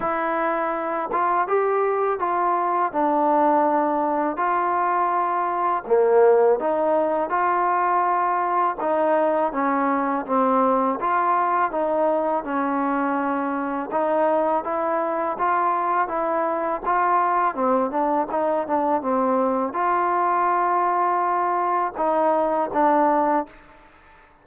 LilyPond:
\new Staff \with { instrumentName = "trombone" } { \time 4/4 \tempo 4 = 82 e'4. f'8 g'4 f'4 | d'2 f'2 | ais4 dis'4 f'2 | dis'4 cis'4 c'4 f'4 |
dis'4 cis'2 dis'4 | e'4 f'4 e'4 f'4 | c'8 d'8 dis'8 d'8 c'4 f'4~ | f'2 dis'4 d'4 | }